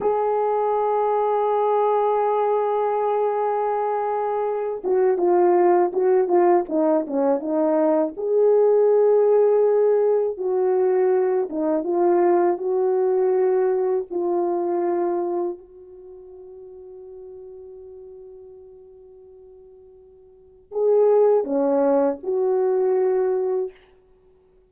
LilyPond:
\new Staff \with { instrumentName = "horn" } { \time 4/4 \tempo 4 = 81 gis'1~ | gis'2~ gis'8 fis'8 f'4 | fis'8 f'8 dis'8 cis'8 dis'4 gis'4~ | gis'2 fis'4. dis'8 |
f'4 fis'2 f'4~ | f'4 fis'2.~ | fis'1 | gis'4 cis'4 fis'2 | }